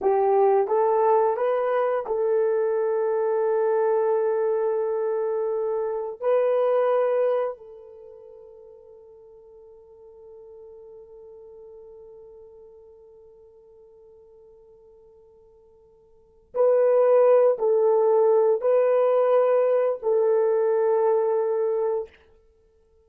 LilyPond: \new Staff \with { instrumentName = "horn" } { \time 4/4 \tempo 4 = 87 g'4 a'4 b'4 a'4~ | a'1~ | a'4 b'2 a'4~ | a'1~ |
a'1~ | a'1 | b'4. a'4. b'4~ | b'4 a'2. | }